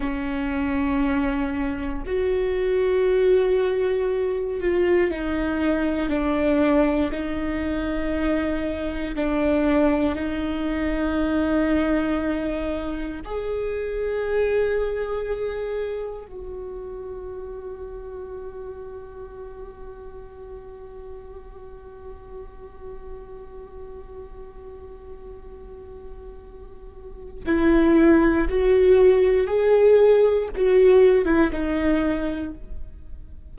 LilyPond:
\new Staff \with { instrumentName = "viola" } { \time 4/4 \tempo 4 = 59 cis'2 fis'2~ | fis'8 f'8 dis'4 d'4 dis'4~ | dis'4 d'4 dis'2~ | dis'4 gis'2. |
fis'1~ | fis'1~ | fis'2. e'4 | fis'4 gis'4 fis'8. e'16 dis'4 | }